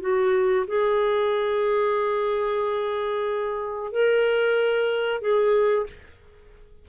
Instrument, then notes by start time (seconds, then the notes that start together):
clarinet
0.00 F#4
0.67 G#4
3.91 A#4
5.21 G#4